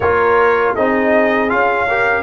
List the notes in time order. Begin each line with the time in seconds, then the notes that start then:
0.00 A#3 F4 A#4 C#5
0.74 C4 D#4 G#4 D#5
1.49 C#4 F4 F5
1.87 G4 A#4